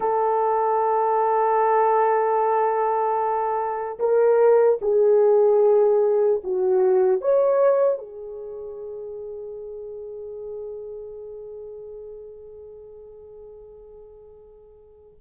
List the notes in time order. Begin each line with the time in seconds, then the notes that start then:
0.00 A4
3.99 A#4
4.81 G#4
6.43 F#4
7.21 C#5
7.98 G#4